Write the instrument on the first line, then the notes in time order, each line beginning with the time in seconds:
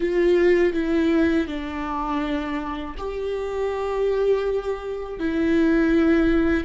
viola
0.00 F4
0.73 E4
1.47 D4
2.97 G4
5.19 E4